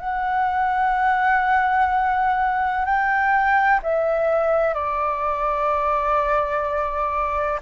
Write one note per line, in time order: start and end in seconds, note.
0.00 2.85 F#5
2.85 3.81 G5
3.83 4.74 E5
4.74 7.60 D5